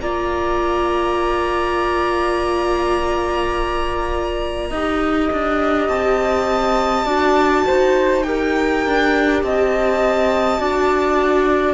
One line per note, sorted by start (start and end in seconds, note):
0.00 4.71 A#3
0.00 4.72 F4
0.00 4.69 D5
0.00 5.88 A#5
4.69 5.29 D#4
4.69 7.06 G4
4.69 7.05 D#5
5.32 5.88 D4
5.88 7.05 C4
5.88 8.23 A5
7.05 7.64 D4
7.05 8.24 F#4
7.05 7.63 D5
7.66 8.86 D#4
7.66 8.25 C5
8.23 10.58 G4
8.23 9.44 A#4
8.23 9.40 G5
8.86 9.43 D4
9.43 10.60 C4
9.43 10.60 D#5
9.43 11.73 A5
10.58 11.73 D4
10.58 11.73 F#4
10.58 11.73 D5